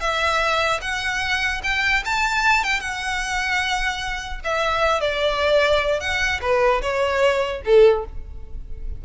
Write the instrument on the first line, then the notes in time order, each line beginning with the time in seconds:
violin
0.00 E5
0.81 F#5
1.63 G5
2.05 A5
2.63 G5
2.80 F#5
4.44 E5
5.00 D5
6.00 F#5
6.41 B4
6.81 C#5
7.65 A4